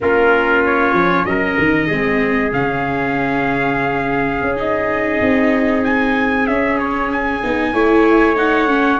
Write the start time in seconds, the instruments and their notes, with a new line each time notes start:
0.00 tuba A#3, viola C#4, trumpet F4 A#4
0.65 trumpet C#5
0.92 tuba F3
1.25 tuba F#3, trumpet A#4 D#5
1.58 tuba D#3
1.87 tuba G#3, viola C4, trumpet G#4
2.52 tuba C#3, viola C#4, trumpet F5
4.41 tuba C#4
4.56 viola D#4, trumpet D#5
5.21 tuba C4
5.84 trumpet G#5
6.46 tuba C#4, viola C#4, trumpet E5
6.78 trumpet C#5
7.12 trumpet G#5
7.43 tuba B3, viola D#4
7.73 tuba A3, viola E4, trumpet C#5
8.36 viola D#4, trumpet F#5
8.67 viola C#4